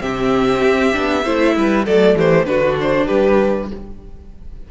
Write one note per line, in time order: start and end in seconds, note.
0.00 0.62 C3
0.00 0.92 C4
0.00 1.24 G4
0.00 1.85 E5
0.63 0.94 C4
0.93 1.26 B3
0.93 1.23 D4
1.24 1.56 A3
1.24 1.86 E4
1.24 1.54 C5
1.56 1.87 G3
1.56 1.85 B4
1.85 2.15 F#3
1.85 2.46 A3
1.85 2.15 A4
1.85 2.17 D5
2.15 2.45 E3
2.15 2.47 G4
2.15 2.45 C5
2.45 3.06 D3
2.45 3.68 D4
2.45 3.06 F#4
2.45 2.76 B4
2.81 3.07 C5
3.06 3.71 G3
3.06 3.67 G4
3.06 3.68 B4